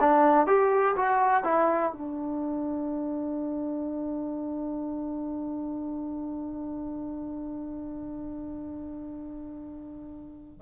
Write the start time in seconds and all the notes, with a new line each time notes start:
0.00 D4
0.47 G4
0.96 F#4
1.44 E4
1.92 D4